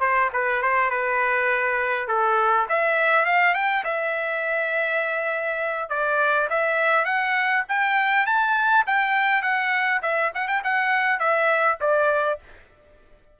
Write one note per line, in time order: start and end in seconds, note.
0.00 0.29 C5
0.33 0.62 B4
0.62 0.90 C5
0.90 2.07 B4
2.07 2.66 A4
2.68 3.25 E5
3.25 3.54 F5
3.54 3.83 G5
3.84 5.89 E5
5.89 6.48 D5
6.49 7.05 E5
7.05 7.64 F#5
7.68 8.26 G5
8.26 8.84 A5
8.86 9.42 G5
9.42 10.01 F#5
10.02 10.31 E5
10.34 10.47 F#5
10.47 10.62 G5
10.64 11.19 F#5
11.19 11.78 E5
11.80 12.39 D5